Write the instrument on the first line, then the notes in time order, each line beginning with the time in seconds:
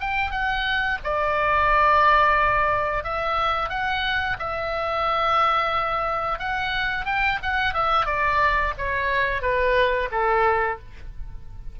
oboe
0.00 G5
0.31 F#5
1.04 D5
3.04 E5
3.69 F#5
4.39 E5
6.39 F#5
7.05 G5
7.42 F#5
7.74 E5
8.06 D5
8.78 C#5
9.42 B4
10.11 A4